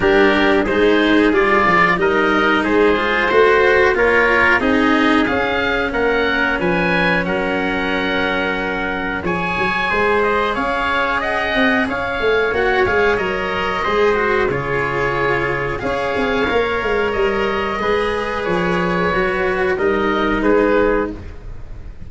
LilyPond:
<<
  \new Staff \with { instrumentName = "oboe" } { \time 4/4 \tempo 4 = 91 ais'4 c''4 d''4 dis''4 | c''2 cis''4 dis''4 | f''4 fis''4 gis''4 fis''4~ | fis''2 gis''4. dis''8 |
f''4 fis''4 f''4 fis''8 f''8 | dis''2 cis''2 | f''2 dis''2 | cis''2 dis''4 b'4 | }
  \new Staff \with { instrumentName = "trumpet" } { \time 4/4 g'4 gis'2 ais'4 | gis'4 c''4 ais'4 gis'4~ | gis'4 ais'4 b'4 ais'4~ | ais'2 cis''4 c''4 |
cis''4 dis''4 cis''2~ | cis''4 c''4 gis'2 | cis''2. b'4~ | b'2 ais'4 gis'4 | }
  \new Staff \with { instrumentName = "cello" } { \time 4/4 d'4 dis'4 f'4 dis'4~ | dis'8 f'8 fis'4 f'4 dis'4 | cis'1~ | cis'2 gis'2~ |
gis'2. fis'8 gis'8 | ais'4 gis'8 fis'8 f'2 | gis'4 ais'2 gis'4~ | gis'4 fis'4 dis'2 | }
  \new Staff \with { instrumentName = "tuba" } { \time 4/4 g4 gis4 g8 f8 g4 | gis4 a4 ais4 c'4 | cis'4 ais4 f4 fis4~ | fis2 f8 fis8 gis4 |
cis'4. c'8 cis'8 a8 ais8 gis8 | fis4 gis4 cis2 | cis'8 c'8 ais8 gis8 g4 gis4 | f4 fis4 g4 gis4 | }
>>